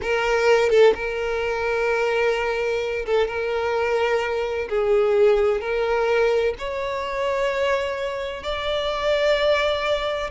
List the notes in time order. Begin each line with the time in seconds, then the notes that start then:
0.02 A#4
0.69 A4
0.94 A#4
3.06 A4
3.27 A#4
4.69 G#4
5.60 A#4
6.58 C#5
8.43 D5